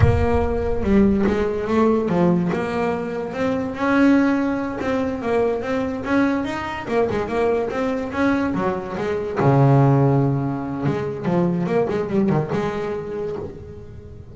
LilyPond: \new Staff \with { instrumentName = "double bass" } { \time 4/4 \tempo 4 = 144 ais2 g4 gis4 | a4 f4 ais2 | c'4 cis'2~ cis'8 c'8~ | c'8 ais4 c'4 cis'4 dis'8~ |
dis'8 ais8 gis8 ais4 c'4 cis'8~ | cis'8 fis4 gis4 cis4.~ | cis2 gis4 f4 | ais8 gis8 g8 dis8 gis2 | }